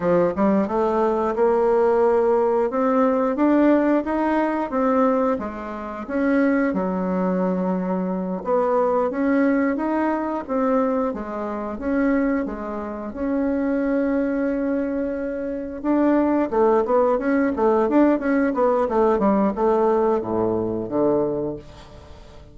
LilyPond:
\new Staff \with { instrumentName = "bassoon" } { \time 4/4 \tempo 4 = 89 f8 g8 a4 ais2 | c'4 d'4 dis'4 c'4 | gis4 cis'4 fis2~ | fis8 b4 cis'4 dis'4 c'8~ |
c'8 gis4 cis'4 gis4 cis'8~ | cis'2.~ cis'8 d'8~ | d'8 a8 b8 cis'8 a8 d'8 cis'8 b8 | a8 g8 a4 a,4 d4 | }